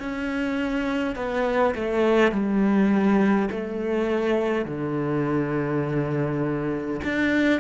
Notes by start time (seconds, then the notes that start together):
0.00 C#4
1.16 B3
1.75 A3
2.32 G3
3.51 A3
4.66 D3
7.04 D4